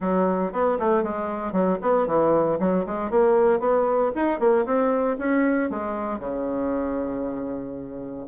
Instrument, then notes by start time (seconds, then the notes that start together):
bassoon
0.00 F#3
0.52 B3
0.79 A3
1.03 G#3
1.52 F#3
1.81 B3
2.06 E3
2.59 F#3
2.85 G#3
3.10 A#3
3.59 B3
4.15 D#4
4.39 A#3
4.65 C4
5.18 C#4
5.70 G#3
6.19 C#3